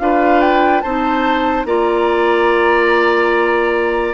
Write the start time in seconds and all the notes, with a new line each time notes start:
0.00 D4 F4 B4 F5
0.41 G5
0.81 C4 D#4 C5 A5
1.65 A#3 F4 D5 A#5